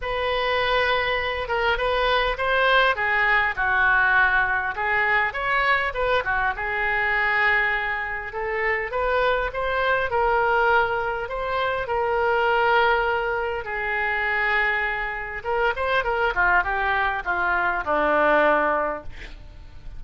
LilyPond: \new Staff \with { instrumentName = "oboe" } { \time 4/4 \tempo 4 = 101 b'2~ b'8 ais'8 b'4 | c''4 gis'4 fis'2 | gis'4 cis''4 b'8 fis'8 gis'4~ | gis'2 a'4 b'4 |
c''4 ais'2 c''4 | ais'2. gis'4~ | gis'2 ais'8 c''8 ais'8 f'8 | g'4 f'4 d'2 | }